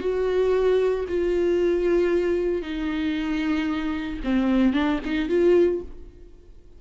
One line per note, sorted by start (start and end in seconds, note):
0.00 1.05 F#4
1.09 2.62 F4
2.62 4.20 D#4
4.24 4.73 C4
4.73 4.99 D4
5.05 5.29 D#4
5.29 5.81 F4